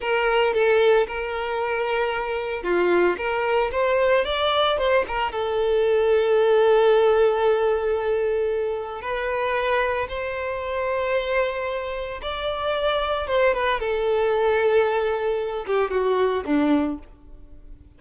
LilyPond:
\new Staff \with { instrumentName = "violin" } { \time 4/4 \tempo 4 = 113 ais'4 a'4 ais'2~ | ais'4 f'4 ais'4 c''4 | d''4 c''8 ais'8 a'2~ | a'1~ |
a'4 b'2 c''4~ | c''2. d''4~ | d''4 c''8 b'8 a'2~ | a'4. g'8 fis'4 d'4 | }